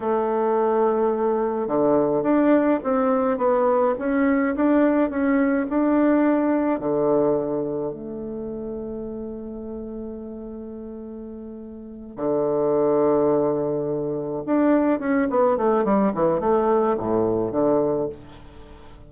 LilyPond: \new Staff \with { instrumentName = "bassoon" } { \time 4/4 \tempo 4 = 106 a2. d4 | d'4 c'4 b4 cis'4 | d'4 cis'4 d'2 | d2 a2~ |
a1~ | a4. d2~ d8~ | d4. d'4 cis'8 b8 a8 | g8 e8 a4 a,4 d4 | }